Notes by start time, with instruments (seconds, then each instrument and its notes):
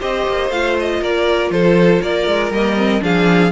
0.00 cello C4, viola G4, violin C5 D#5
0.28 cello A#3
0.51 cello A3, viola F4, violin F5
0.80 violin D#5
1.01 cello A#3, violin A#4 D5
1.51 cello F3, violin A4 C5
2.02 cello A#3, violin A#4 D5
2.27 cello G#3
2.51 cello G3, viola A#3, violin D#5
2.78 viola C4
3.01 cello F3, viola D4, violin G#4 F5